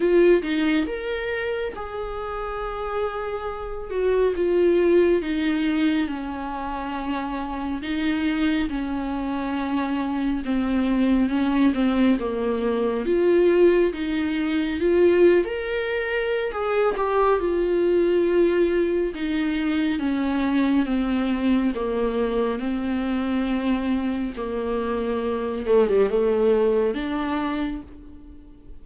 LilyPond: \new Staff \with { instrumentName = "viola" } { \time 4/4 \tempo 4 = 69 f'8 dis'8 ais'4 gis'2~ | gis'8 fis'8 f'4 dis'4 cis'4~ | cis'4 dis'4 cis'2 | c'4 cis'8 c'8 ais4 f'4 |
dis'4 f'8. ais'4~ ais'16 gis'8 g'8 | f'2 dis'4 cis'4 | c'4 ais4 c'2 | ais4. a16 g16 a4 d'4 | }